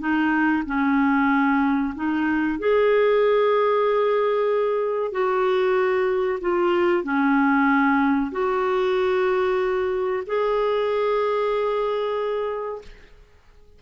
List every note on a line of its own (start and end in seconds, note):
0.00 0.64 D#4
0.67 1.94 C#4
1.96 2.59 D#4
2.59 5.12 G#4
5.12 6.40 F#4
6.41 7.04 F4
7.04 8.32 C#4
8.32 10.24 F#4
10.27 12.82 G#4